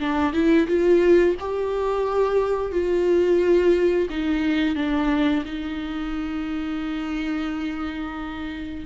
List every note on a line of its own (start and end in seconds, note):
0.00 0.33 D4
0.33 0.67 E4
0.68 1.36 F4
1.40 2.72 G4
2.72 4.08 F4
4.10 4.76 D#4
4.76 5.44 D4
5.45 8.86 D#4